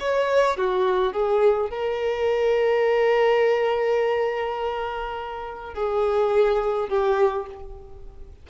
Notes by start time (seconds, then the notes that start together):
0.00 C#5
0.57 F#4
1.13 G#4
1.70 A#4
5.75 G#4
6.89 G4